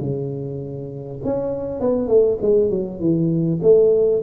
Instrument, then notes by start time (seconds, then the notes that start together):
tuba
0.00 C#3
1.24 C#4
1.80 B3
2.08 A3
2.42 G#3
2.70 F#3
3.00 E3
3.62 A3